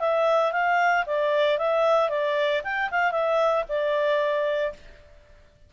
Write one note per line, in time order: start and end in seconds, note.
0.00 0.52 E5
0.52 1.04 F5
1.06 1.58 D5
1.58 2.09 E5
2.09 2.62 D5
2.64 2.90 G5
2.91 3.12 F5
3.12 3.64 E5
3.69 4.73 D5